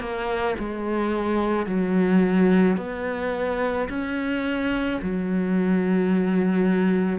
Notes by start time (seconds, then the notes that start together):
0.00 A#3
0.59 G#3
1.67 F#3
2.78 B3
3.89 C#4
5.02 F#3